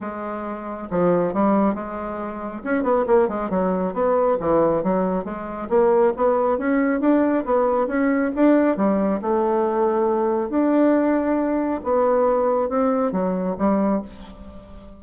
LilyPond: \new Staff \with { instrumentName = "bassoon" } { \time 4/4 \tempo 4 = 137 gis2 f4 g4 | gis2 cis'8 b8 ais8 gis8 | fis4 b4 e4 fis4 | gis4 ais4 b4 cis'4 |
d'4 b4 cis'4 d'4 | g4 a2. | d'2. b4~ | b4 c'4 fis4 g4 | }